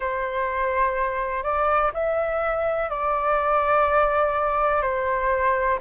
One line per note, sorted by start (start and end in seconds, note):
0.00 1.43 C5
1.43 1.91 D5
1.94 2.89 E5
2.89 4.81 D5
4.81 5.78 C5